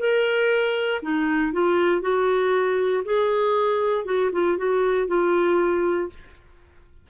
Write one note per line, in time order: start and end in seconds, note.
0.00 1.02 A#4
1.03 1.53 D#4
1.53 2.02 F4
2.02 3.04 F#4
3.05 4.06 G#4
4.06 4.31 F#4
4.33 4.58 F4
4.58 5.08 F#4
5.08 6.10 F4